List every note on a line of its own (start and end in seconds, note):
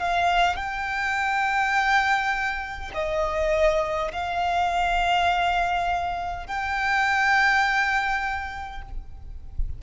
0.00 0.56 F5
0.56 2.91 G5
2.94 4.12 D#5
4.12 6.47 F5
6.47 8.82 G5